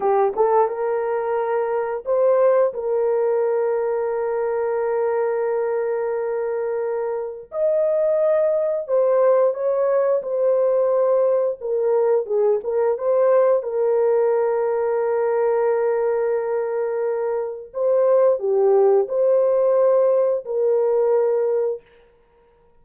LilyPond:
\new Staff \with { instrumentName = "horn" } { \time 4/4 \tempo 4 = 88 g'8 a'8 ais'2 c''4 | ais'1~ | ais'2. dis''4~ | dis''4 c''4 cis''4 c''4~ |
c''4 ais'4 gis'8 ais'8 c''4 | ais'1~ | ais'2 c''4 g'4 | c''2 ais'2 | }